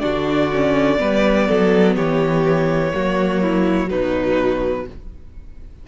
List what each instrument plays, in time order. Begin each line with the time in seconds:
0.00 cello D3, viola D4, violin F#4 D5
0.54 viola C#4
0.98 cello G3, viola B3, violin B4
1.48 cello F#3, violin A4
1.96 cello E3, violin G4 C#5
2.93 cello F#3, viola A#3, violin F#4
3.42 violin E4
3.88 cello B2, viola F#3, violin D#4 B4